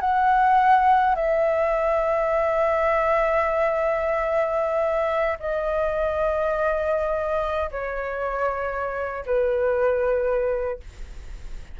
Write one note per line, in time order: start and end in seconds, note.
0.00 1.15 F#5
1.15 5.38 E5
5.39 7.70 D#5
7.71 9.24 C#5
9.26 10.80 B4